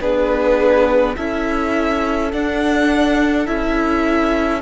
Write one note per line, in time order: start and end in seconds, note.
0.00 1.16 B3
0.00 1.15 D4
0.00 1.16 G#4
0.00 1.16 B4
1.16 2.33 C#4
1.16 2.32 E4
1.16 4.61 A4
1.16 2.31 E5
2.32 3.46 D4
2.32 3.48 D4
2.32 3.46 F#5
3.46 4.61 C#4
3.46 4.61 E4
3.46 4.61 E5